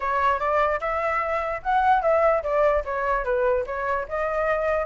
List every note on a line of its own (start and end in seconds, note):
0.00 0.39 C#5
0.39 0.80 D5
0.80 1.61 E5
1.62 2.02 F#5
2.02 2.42 E5
2.43 2.83 D5
2.84 3.24 C#5
3.24 3.64 B4
3.66 4.07 C#5
4.08 4.86 D#5